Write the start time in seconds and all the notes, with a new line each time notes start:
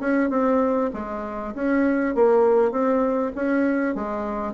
0.00 C#4
0.30 C4
0.94 G#3
1.55 C#4
2.15 A#3
2.71 C4
3.35 C#4
3.95 G#3